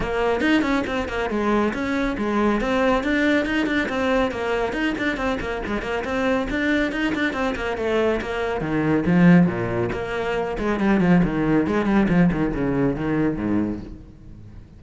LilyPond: \new Staff \with { instrumentName = "cello" } { \time 4/4 \tempo 4 = 139 ais4 dis'8 cis'8 c'8 ais8 gis4 | cis'4 gis4 c'4 d'4 | dis'8 d'8 c'4 ais4 dis'8 d'8 | c'8 ais8 gis8 ais8 c'4 d'4 |
dis'8 d'8 c'8 ais8 a4 ais4 | dis4 f4 ais,4 ais4~ | ais8 gis8 g8 f8 dis4 gis8 g8 | f8 dis8 cis4 dis4 gis,4 | }